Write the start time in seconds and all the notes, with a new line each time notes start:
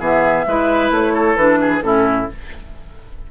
0.00 E3 B3 G#4 E5
0.47 G#3 E4 B4
0.91 A3 C#5
1.14 A4
1.36 E3 D4 B4
1.61 G#4
1.82 A2 C#4 E4 A4